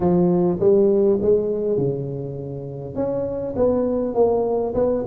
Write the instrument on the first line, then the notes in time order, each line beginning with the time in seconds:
tuba
0.00 F3
0.60 G3
1.21 G#3
1.77 C#3
2.95 C#4
3.56 B3
4.14 A#3
4.74 B3